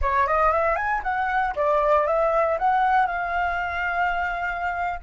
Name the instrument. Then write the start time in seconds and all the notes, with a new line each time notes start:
flute
0.01 C#5
0.27 D#5
0.52 E5
0.76 G#5
1.03 F#5
1.55 D5
2.07 E5
2.58 F#5
3.07 F5